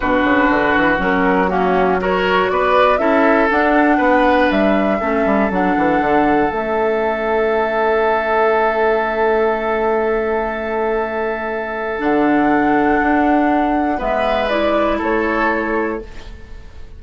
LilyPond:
<<
  \new Staff \with { instrumentName = "flute" } { \time 4/4 \tempo 4 = 120 b'2 ais'4 fis'4 | cis''4 d''4 e''4 fis''4~ | fis''4 e''2 fis''4~ | fis''4 e''2.~ |
e''1~ | e''1 | fis''1 | e''4 d''4 cis''2 | }
  \new Staff \with { instrumentName = "oboe" } { \time 4/4 fis'2. cis'4 | ais'4 b'4 a'2 | b'2 a'2~ | a'1~ |
a'1~ | a'1~ | a'1 | b'2 a'2 | }
  \new Staff \with { instrumentName = "clarinet" } { \time 4/4 d'2 cis'4 ais4 | fis'2 e'4 d'4~ | d'2 cis'4 d'4~ | d'4 cis'2.~ |
cis'1~ | cis'1 | d'1 | b4 e'2. | }
  \new Staff \with { instrumentName = "bassoon" } { \time 4/4 b,8 cis8 d8 e8 fis2~ | fis4 b4 cis'4 d'4 | b4 g4 a8 g8 fis8 e8 | d4 a2.~ |
a1~ | a1 | d2 d'2 | gis2 a2 | }
>>